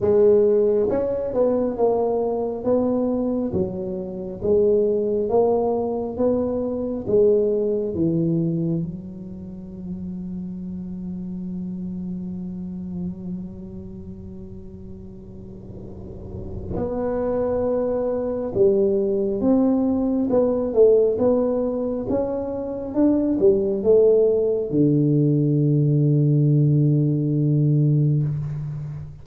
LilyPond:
\new Staff \with { instrumentName = "tuba" } { \time 4/4 \tempo 4 = 68 gis4 cis'8 b8 ais4 b4 | fis4 gis4 ais4 b4 | gis4 e4 fis2~ | fis1~ |
fis2. b4~ | b4 g4 c'4 b8 a8 | b4 cis'4 d'8 g8 a4 | d1 | }